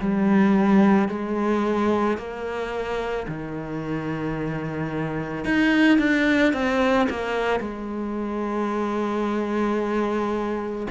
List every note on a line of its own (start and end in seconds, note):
0.00 1.09 G3
1.09 2.18 G#3
2.18 3.27 A#3
3.28 5.45 D#3
5.45 5.99 D#4
5.99 6.53 D4
6.54 7.08 C4
7.10 7.60 A#3
7.60 10.87 G#3